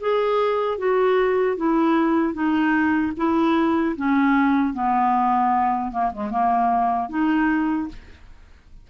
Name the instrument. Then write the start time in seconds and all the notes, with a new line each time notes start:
clarinet
0.00 G#4
0.78 F#4
1.57 E4
2.33 D#4
3.17 E4
3.96 C#4
4.73 B3
5.91 A#3
6.11 G#3
6.30 A#3
7.09 D#4